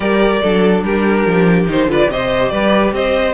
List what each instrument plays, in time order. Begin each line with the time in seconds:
0.00 cello G3, viola G4, violin A#4 D5
0.42 cello F#3, viola D4, violin A4
0.83 cello G3, violin G4 A#4
1.26 cello F3
1.68 cello D#3, viola D#4, violin C5
1.86 cello D3, viola F4, violin B4 D5
2.10 cello C3, viola G4, violin C5 D#5
2.49 cello G3, violin B4 D5
2.92 cello C4, violin C5 D#5